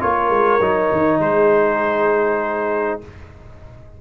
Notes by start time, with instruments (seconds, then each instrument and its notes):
0.00 tuba A#3, trombone F4, horn A#4, trumpet C#5
0.29 tuba G#3
0.61 tuba F#3, trombone D#4
0.92 tuba D#3
1.19 tuba G#3, horn G#4, trumpet C5